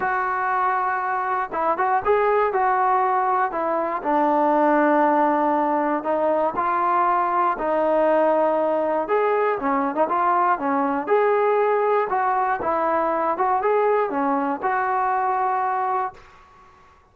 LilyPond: \new Staff \with { instrumentName = "trombone" } { \time 4/4 \tempo 4 = 119 fis'2. e'8 fis'8 | gis'4 fis'2 e'4 | d'1 | dis'4 f'2 dis'4~ |
dis'2 gis'4 cis'8. dis'16 | f'4 cis'4 gis'2 | fis'4 e'4. fis'8 gis'4 | cis'4 fis'2. | }